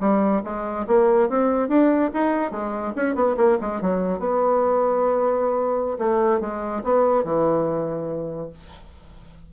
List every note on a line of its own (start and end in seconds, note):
0.00 0.42 G3
0.44 0.86 G#3
0.87 1.29 A#3
1.29 1.69 C4
1.69 2.11 D4
2.14 2.51 D#4
2.51 2.93 G#3
2.96 3.15 C#4
3.15 3.36 B3
3.37 3.58 A#3
3.61 3.81 G#3
3.81 4.19 F#3
4.19 5.98 B3
5.98 6.40 A3
6.41 6.83 G#3
6.84 7.24 B3
7.24 8.50 E3